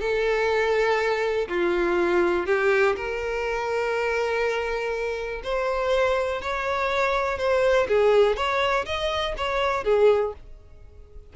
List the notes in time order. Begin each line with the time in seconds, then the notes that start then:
0.00 A4
1.48 F4
2.46 G4
2.96 A#4
5.43 C5
6.41 C#5
7.38 C5
7.88 G#4
8.36 C#5
8.85 D#5
9.37 C#5
9.84 G#4